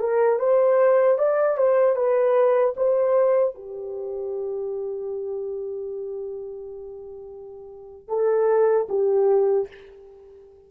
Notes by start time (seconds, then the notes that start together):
0.00 A#4
0.39 C5
1.18 D5
1.58 C5
1.96 B4
2.77 C5
3.55 G4
8.08 A4
8.89 G4